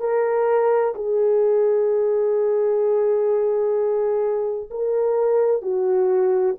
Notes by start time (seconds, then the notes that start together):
0.00 A#4
0.95 G#4
4.70 A#4
5.62 F#4